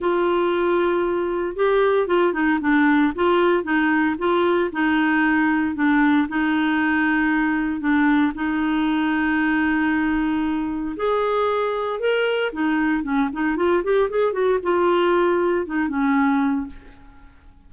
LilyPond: \new Staff \with { instrumentName = "clarinet" } { \time 4/4 \tempo 4 = 115 f'2. g'4 | f'8 dis'8 d'4 f'4 dis'4 | f'4 dis'2 d'4 | dis'2. d'4 |
dis'1~ | dis'4 gis'2 ais'4 | dis'4 cis'8 dis'8 f'8 g'8 gis'8 fis'8 | f'2 dis'8 cis'4. | }